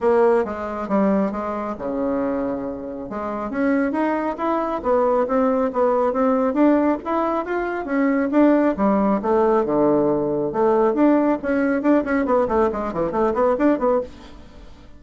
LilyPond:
\new Staff \with { instrumentName = "bassoon" } { \time 4/4 \tempo 4 = 137 ais4 gis4 g4 gis4 | cis2. gis4 | cis'4 dis'4 e'4 b4 | c'4 b4 c'4 d'4 |
e'4 f'4 cis'4 d'4 | g4 a4 d2 | a4 d'4 cis'4 d'8 cis'8 | b8 a8 gis8 e8 a8 b8 d'8 b8 | }